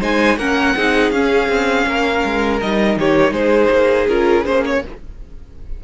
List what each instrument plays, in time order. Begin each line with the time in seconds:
0.00 cello G#3, viola D#4, violin C5 G#5
0.37 cello A#3, viola C#4, violin A#4 F#5
0.75 cello C4, viola D#4, violin G#4
1.11 cello C#4, viola C#4, violin F5
1.49 cello C4
1.86 cello A#3, violin A#4
2.24 cello G#3
2.61 cello G3, viola D#4, violin D#5
2.97 cello D#3, violin G4 C#5
3.31 cello G#3, violin G#4 C5
3.70 cello A#3
4.08 cello C#4, viola F4, violin A#4
4.45 cello A#3, viola C#4, violin C5
4.65 violin C#5